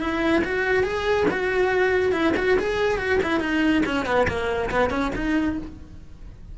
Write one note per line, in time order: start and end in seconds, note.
0.00 0.43 E4
0.44 0.83 F#4
0.83 1.26 G#4
1.31 2.12 F#4
2.12 2.33 E4
2.37 2.58 F#4
2.59 2.98 G#4
2.98 3.19 F#4
3.23 3.40 E4
3.40 3.83 D#4
3.86 4.06 C#4
4.06 4.27 B3
4.28 4.70 A#3
4.71 4.90 B3
4.90 5.12 C#4
5.15 5.58 D#4